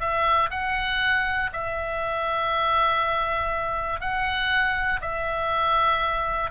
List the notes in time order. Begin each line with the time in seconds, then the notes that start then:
0.00 E5
0.50 F#5
1.52 E5
4.00 F#5
5.01 E5